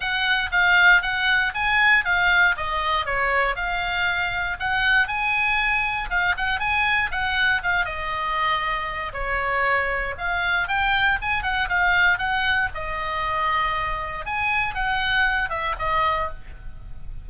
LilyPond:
\new Staff \with { instrumentName = "oboe" } { \time 4/4 \tempo 4 = 118 fis''4 f''4 fis''4 gis''4 | f''4 dis''4 cis''4 f''4~ | f''4 fis''4 gis''2 | f''8 fis''8 gis''4 fis''4 f''8 dis''8~ |
dis''2 cis''2 | f''4 g''4 gis''8 fis''8 f''4 | fis''4 dis''2. | gis''4 fis''4. e''8 dis''4 | }